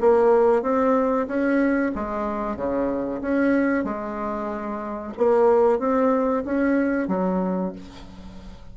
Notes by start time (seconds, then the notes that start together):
0.00 A#3
0.62 C4
1.27 C#4
1.95 G#3
2.56 C#3
3.21 C#4
3.84 G#3
5.18 A#3
5.79 C4
6.45 C#4
7.08 F#3